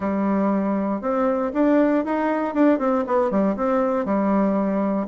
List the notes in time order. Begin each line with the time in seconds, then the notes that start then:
0.00 G3
1.01 C4
1.53 D4
2.05 D#4
2.54 D4
2.78 C4
3.06 B3
3.30 G3
3.56 C4
4.05 G3